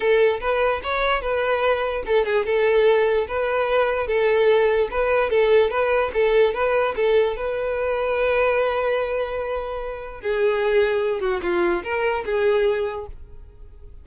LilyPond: \new Staff \with { instrumentName = "violin" } { \time 4/4 \tempo 4 = 147 a'4 b'4 cis''4 b'4~ | b'4 a'8 gis'8 a'2 | b'2 a'2 | b'4 a'4 b'4 a'4 |
b'4 a'4 b'2~ | b'1~ | b'4 gis'2~ gis'8 fis'8 | f'4 ais'4 gis'2 | }